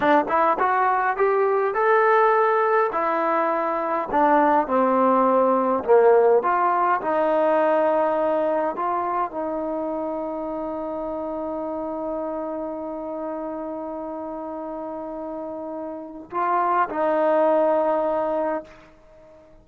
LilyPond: \new Staff \with { instrumentName = "trombone" } { \time 4/4 \tempo 4 = 103 d'8 e'8 fis'4 g'4 a'4~ | a'4 e'2 d'4 | c'2 ais4 f'4 | dis'2. f'4 |
dis'1~ | dis'1~ | dis'1 | f'4 dis'2. | }